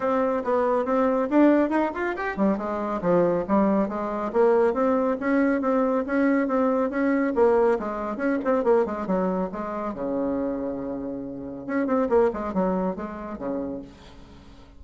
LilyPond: \new Staff \with { instrumentName = "bassoon" } { \time 4/4 \tempo 4 = 139 c'4 b4 c'4 d'4 | dis'8 f'8 g'8 g8 gis4 f4 | g4 gis4 ais4 c'4 | cis'4 c'4 cis'4 c'4 |
cis'4 ais4 gis4 cis'8 c'8 | ais8 gis8 fis4 gis4 cis4~ | cis2. cis'8 c'8 | ais8 gis8 fis4 gis4 cis4 | }